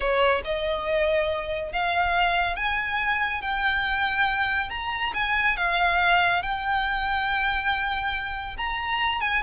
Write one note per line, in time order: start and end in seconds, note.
0.00 0.41 C#5
0.44 1.72 D#5
1.72 2.56 F5
2.56 3.41 G#5
3.41 4.69 G5
4.69 5.12 A#5
5.14 5.56 G#5
5.56 6.42 F5
6.42 8.56 G5
8.57 9.20 A#5
9.20 9.42 G#5